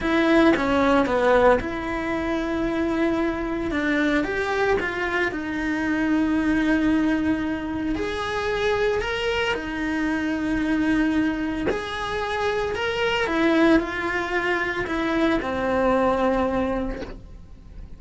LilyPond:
\new Staff \with { instrumentName = "cello" } { \time 4/4 \tempo 4 = 113 e'4 cis'4 b4 e'4~ | e'2. d'4 | g'4 f'4 dis'2~ | dis'2. gis'4~ |
gis'4 ais'4 dis'2~ | dis'2 gis'2 | ais'4 e'4 f'2 | e'4 c'2. | }